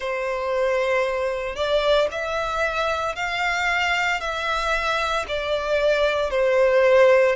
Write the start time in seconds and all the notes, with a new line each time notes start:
0.00 C5
1.55 D5
2.11 E5
3.15 F5
4.20 E5
5.27 D5
6.30 C5